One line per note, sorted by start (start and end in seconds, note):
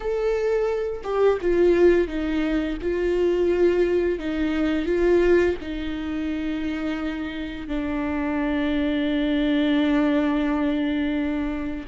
0.00 1.01 A4
1.03 1.38 G4
1.41 2.07 F4
2.07 2.77 D#4
2.81 4.18 F4
4.18 4.85 D#4
4.85 5.55 F4
5.61 7.67 D#4
7.67 11.86 D4